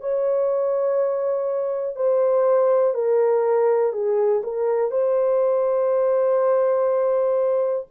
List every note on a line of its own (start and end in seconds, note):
0.00 1.95 C#5
1.95 2.94 C5
2.94 3.92 A#4
3.92 4.41 G#4
4.43 4.91 A#4
4.91 7.86 C5